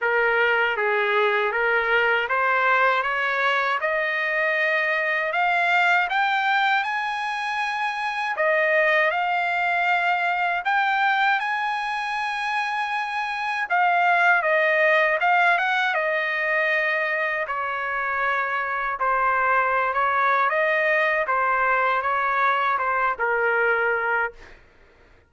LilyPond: \new Staff \with { instrumentName = "trumpet" } { \time 4/4 \tempo 4 = 79 ais'4 gis'4 ais'4 c''4 | cis''4 dis''2 f''4 | g''4 gis''2 dis''4 | f''2 g''4 gis''4~ |
gis''2 f''4 dis''4 | f''8 fis''8 dis''2 cis''4~ | cis''4 c''4~ c''16 cis''8. dis''4 | c''4 cis''4 c''8 ais'4. | }